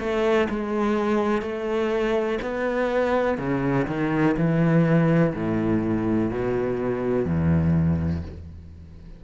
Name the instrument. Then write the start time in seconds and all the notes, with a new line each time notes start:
cello
0.00 A3
0.50 G#3
1.42 A3
2.42 B3
3.38 C#3
3.88 D#3
4.38 E3
5.35 A2
6.32 B2
7.26 E2